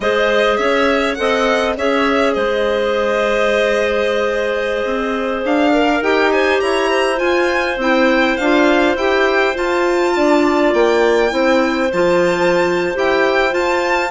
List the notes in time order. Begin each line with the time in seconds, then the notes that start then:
0.00 G#3 G#4 C5 D#5
0.56 C#4 C#5 E5
1.14 C4 A4 D#5 F#5
1.77 C#4 G#4 C#5 E5
2.33 G#3 C5 D#5
4.84 C4
5.44 D4 F5
5.72 A#4
6.01 D#4 G4 G5
6.32 C5 G#5
6.60 E4 C#5 A#5
6.90 C5
7.16 F4 G#5
7.77 C4 E4 G5
8.37 D4 F4 F5
8.95 E4 G4 G5
9.54 F4 A5
10.16 D4 D5
10.73 A#3 G5
11.29 C4 E4 C5
11.92 F3 F4 A5
12.94 E4 G4 G5
13.50 F4 A5